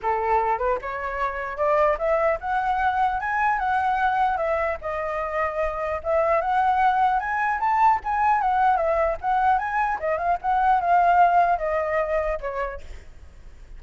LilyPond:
\new Staff \with { instrumentName = "flute" } { \time 4/4 \tempo 4 = 150 a'4. b'8 cis''2 | d''4 e''4 fis''2 | gis''4 fis''2 e''4 | dis''2. e''4 |
fis''2 gis''4 a''4 | gis''4 fis''4 e''4 fis''4 | gis''4 dis''8 f''8 fis''4 f''4~ | f''4 dis''2 cis''4 | }